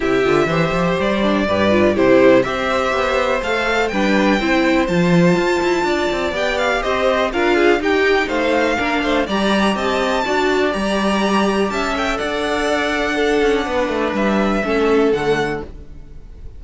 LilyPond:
<<
  \new Staff \with { instrumentName = "violin" } { \time 4/4 \tempo 4 = 123 e''2 d''2 | c''4 e''2 f''4 | g''2 a''2~ | a''4 g''8 f''8 dis''4 f''4 |
g''4 f''2 ais''4 | a''2 ais''2 | a''8 g''8 fis''2.~ | fis''4 e''2 fis''4 | }
  \new Staff \with { instrumentName = "violin" } { \time 4/4 g'4 c''2 b'4 | g'4 c''2. | b'4 c''2. | d''2 c''4 ais'8 gis'8 |
g'4 c''4 ais'8 c''8 d''4 | dis''4 d''2. | e''4 d''2 a'4 | b'2 a'2 | }
  \new Staff \with { instrumentName = "viola" } { \time 4/4 e'8 f'8 g'4. d'8 g'8 f'8 | e'4 g'2 a'4 | d'4 e'4 f'2~ | f'4 g'2 f'4 |
dis'2 d'4 g'4~ | g'4 fis'4 g'2~ | g'8 a'2~ a'8 d'4~ | d'2 cis'4 a4 | }
  \new Staff \with { instrumentName = "cello" } { \time 4/4 c8 d8 e8 f8 g4 g,4 | c4 c'4 b4 a4 | g4 c'4 f4 f'8 e'8 | d'8 c'8 b4 c'4 d'4 |
dis'4 a4 ais8 a8 g4 | c'4 d'4 g2 | cis'4 d'2~ d'8 cis'8 | b8 a8 g4 a4 d4 | }
>>